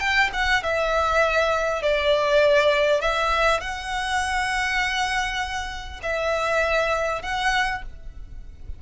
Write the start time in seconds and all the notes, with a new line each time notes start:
0.00 G5
0.33 F#5
0.63 E5
1.82 D5
3.01 E5
3.61 F#5
6.03 E5
7.22 F#5